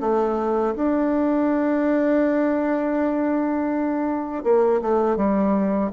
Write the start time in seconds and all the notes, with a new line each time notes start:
0.00 A3
0.76 D4
4.43 A#3
4.81 A3
5.16 G3